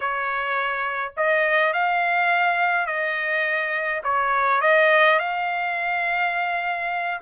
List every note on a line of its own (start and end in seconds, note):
0.00 1.12 C#5
1.16 1.73 D#5
1.73 2.86 F5
2.86 4.01 D#5
4.03 4.61 C#5
4.61 5.19 D#5
5.19 7.21 F5